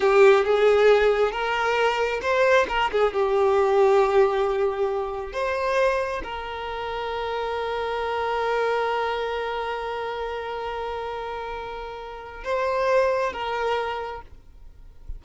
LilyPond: \new Staff \with { instrumentName = "violin" } { \time 4/4 \tempo 4 = 135 g'4 gis'2 ais'4~ | ais'4 c''4 ais'8 gis'8 g'4~ | g'1 | c''2 ais'2~ |
ais'1~ | ais'1~ | ais'1 | c''2 ais'2 | }